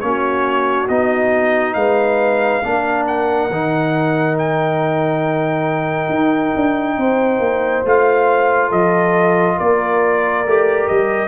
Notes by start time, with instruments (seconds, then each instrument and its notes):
0.00 tuba A#3, trombone C#4, horn F#4, trumpet C#5
0.88 tuba B3, trombone D#4, trumpet D#5
1.73 tuba G#3, horn B4, trumpet F5
2.63 tuba A#3, trombone D4, horn A#4
3.07 trumpet F#5
3.49 tuba D#3, trombone D#4
4.38 trumpet G5
6.09 tuba D#4
6.55 tuba D4
6.97 tuba C4, horn C5
7.39 tuba A#3
7.84 tuba A3, trombone F4, trumpet F5
8.68 tuba F3, horn A4, trumpet D#5
9.57 tuba A#3, horn A#4, trumpet D5
10.46 tuba A3, trombone G4
10.87 tuba G3, trumpet D#5